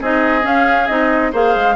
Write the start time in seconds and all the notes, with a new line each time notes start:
0.00 C4 D#4 G#4 D#5
0.41 C#4 F5
0.87 C4 D#4 D#5
1.32 A#3 G#4 C5 F5
1.55 G#3